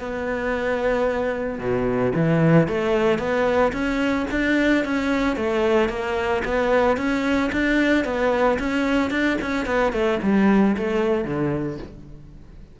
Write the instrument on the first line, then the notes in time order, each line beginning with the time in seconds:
cello
0.00 B3
1.59 B2
2.15 E3
2.68 A3
3.19 B3
3.73 C#4
4.31 D4
4.85 C#4
5.36 A3
5.89 A#3
6.45 B3
6.97 C#4
7.52 D4
8.05 B3
8.59 C#4
9.11 D4
9.41 C#4
9.66 B3
9.93 A3
10.23 G3
10.77 A3
11.25 D3